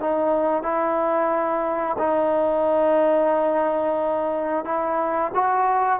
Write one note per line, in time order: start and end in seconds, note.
0.00 0.63 D#4
0.63 1.96 E4
1.98 4.65 D#4
4.65 5.32 E4
5.34 6.00 F#4